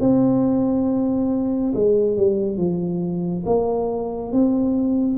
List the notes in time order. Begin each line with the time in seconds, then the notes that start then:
0.00 C4
1.75 G#3
2.17 G3
2.58 F3
3.46 A#3
4.32 C4